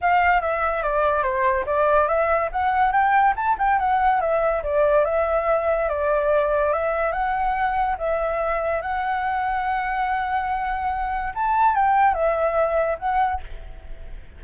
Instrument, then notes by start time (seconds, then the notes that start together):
flute
0.01 F5
0.41 E5
0.82 D5
1.22 C5
1.66 D5
2.08 E5
2.52 F#5
2.92 G5
3.35 A5
3.58 G5
3.78 F#5
4.21 E5
4.63 D5
5.04 E5
5.89 D5
6.72 E5
7.12 F#5
7.97 E5
8.81 F#5
11.34 A5
11.75 G5
12.14 E5
12.99 F#5